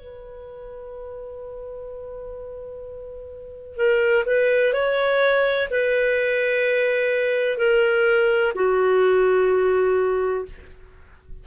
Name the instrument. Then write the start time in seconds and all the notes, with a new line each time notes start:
clarinet
0.00 B4
3.77 A#4
4.26 B4
4.73 C#5
5.71 B4
7.58 A#4
8.55 F#4